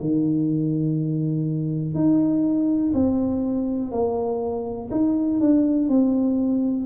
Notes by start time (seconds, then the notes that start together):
0.00 D#3
1.94 D#4
2.94 C4
3.91 A#3
4.90 D#4
5.40 D4
5.88 C4